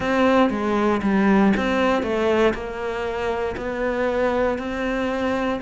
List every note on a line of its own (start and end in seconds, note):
0.00 0.50 C4
0.50 1.01 G#3
1.02 1.53 G3
1.56 2.02 C4
2.02 2.53 A3
2.54 3.55 A#3
3.56 4.58 B3
4.58 5.60 C4